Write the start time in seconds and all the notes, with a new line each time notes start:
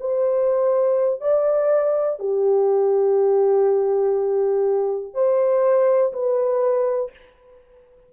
0.00 C5
1.21 D5
2.20 G4
5.14 C5
6.13 B4